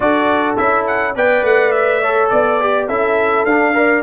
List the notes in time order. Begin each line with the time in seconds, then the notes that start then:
0.00 D4 F#4 A4 D5
0.56 C#4 E4 E5
0.86 F#5
1.16 B3 B4 D5 G5
1.42 A3 F#5
1.71 E5
2.01 A4 C#5
2.29 B3 D5
2.60 G4
2.87 C#4 E4 A4 E5
3.44 D4 F5
3.73 A#4 D5